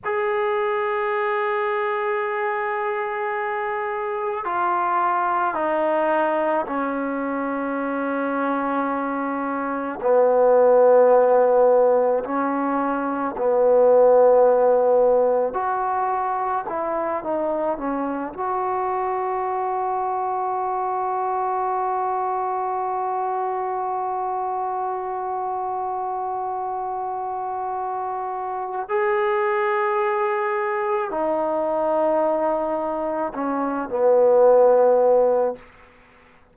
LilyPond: \new Staff \with { instrumentName = "trombone" } { \time 4/4 \tempo 4 = 54 gis'1 | f'4 dis'4 cis'2~ | cis'4 b2 cis'4 | b2 fis'4 e'8 dis'8 |
cis'8 fis'2.~ fis'8~ | fis'1~ | fis'2 gis'2 | dis'2 cis'8 b4. | }